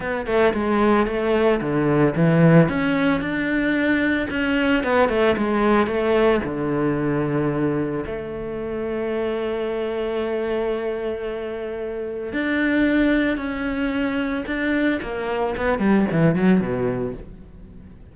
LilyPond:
\new Staff \with { instrumentName = "cello" } { \time 4/4 \tempo 4 = 112 b8 a8 gis4 a4 d4 | e4 cis'4 d'2 | cis'4 b8 a8 gis4 a4 | d2. a4~ |
a1~ | a2. d'4~ | d'4 cis'2 d'4 | ais4 b8 g8 e8 fis8 b,4 | }